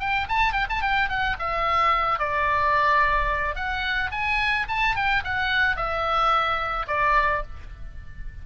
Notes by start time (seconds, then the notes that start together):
0.00 G5
0.29 A5
0.53 G5
0.70 A5
0.82 G5
1.09 F#5
1.39 E5
2.19 D5
3.55 F#5
4.11 G#5
4.68 A5
4.95 G5
5.24 F#5
5.76 E5
6.88 D5